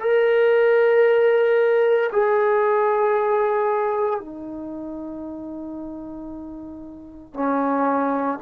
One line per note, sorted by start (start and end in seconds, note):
0.00 2.11 A#4
2.12 4.20 G#4
4.20 7.33 D#4
7.33 8.39 C#4